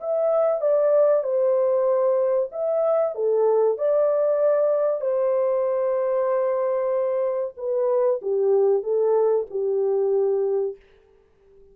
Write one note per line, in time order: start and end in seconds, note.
0.00 0.61 E5
0.61 1.23 D5
1.23 2.49 C5
2.51 3.15 E5
3.15 3.78 A4
3.78 5.01 D5
5.01 7.53 C5
7.57 8.20 B4
8.22 8.83 G4
8.83 9.46 A4
9.50 10.76 G4